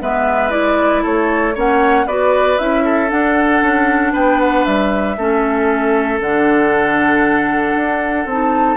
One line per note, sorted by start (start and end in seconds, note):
0.00 1.05 G#3
0.00 0.50 B3
0.00 1.02 B4
0.00 0.51 E5
0.50 1.53 E4
0.50 1.03 D5
1.02 1.56 A3
1.02 1.54 A4
1.02 1.57 C#5
1.54 2.06 A#3
1.54 2.06 C#4
1.54 2.06 C#5
1.54 2.07 F#5
2.06 2.57 B3
2.06 2.58 F#4
2.06 2.84 B4
2.06 2.58 D5
2.58 3.11 C#4
2.58 3.08 E4
2.58 3.10 E5
2.84 4.12 A4
3.08 5.15 D4
3.08 3.62 D4
3.08 4.13 F#5
3.62 4.13 C#4
4.12 4.65 B3
4.12 5.16 B4
4.12 4.39 G5
4.39 4.64 F#5
4.64 5.17 G3
4.64 6.20 E5
5.17 6.20 A3
5.17 6.20 C#4
5.17 8.77 A4
6.20 7.75 D3
6.20 8.27 D4
6.20 8.28 F#5
7.75 8.25 D4
8.25 8.77 C4
8.25 8.77 D#4
8.25 8.77 A5